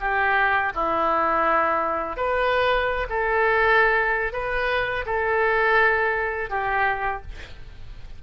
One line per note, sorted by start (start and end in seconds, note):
0.00 0.72 G4
0.74 2.16 E4
2.16 3.07 B4
3.09 4.32 A4
4.32 5.04 B4
5.05 6.49 A4
6.49 7.22 G4